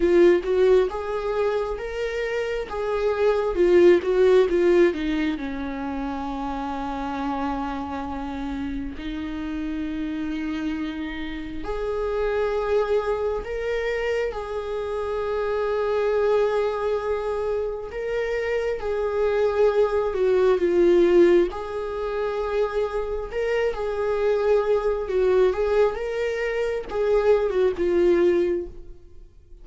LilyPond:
\new Staff \with { instrumentName = "viola" } { \time 4/4 \tempo 4 = 67 f'8 fis'8 gis'4 ais'4 gis'4 | f'8 fis'8 f'8 dis'8 cis'2~ | cis'2 dis'2~ | dis'4 gis'2 ais'4 |
gis'1 | ais'4 gis'4. fis'8 f'4 | gis'2 ais'8 gis'4. | fis'8 gis'8 ais'4 gis'8. fis'16 f'4 | }